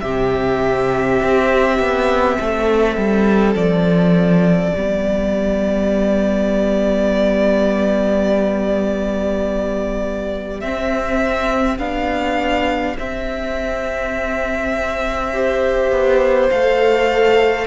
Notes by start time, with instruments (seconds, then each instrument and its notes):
0.00 cello C3, viola C4, violin G4 E5
1.22 cello C4
1.79 cello B3
2.39 cello A3, violin A4
2.96 cello G3
3.54 cello F3, violin D5
4.73 cello G3, viola B3, violin G4
10.60 cello C4, viola C4, violin E5
11.78 cello B3, viola D4, violin F5
12.98 viola C4, cello C4, violin E5
15.33 viola G4, violin C5
15.91 cello B3
16.49 cello A3, viola A4, violin F5